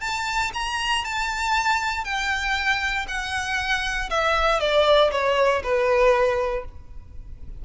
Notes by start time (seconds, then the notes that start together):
0.00 A5
0.54 A#5
1.04 A5
2.04 G5
3.08 F#5
4.10 E5
4.60 D5
5.11 C#5
5.63 B4